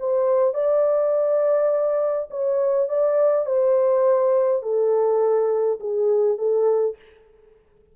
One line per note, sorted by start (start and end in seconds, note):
0.00 0.55 C5
0.55 2.29 D5
2.31 2.89 C#5
2.89 3.46 D5
3.46 4.63 C5
4.63 5.79 A4
5.80 6.38 G#4
6.38 6.97 A4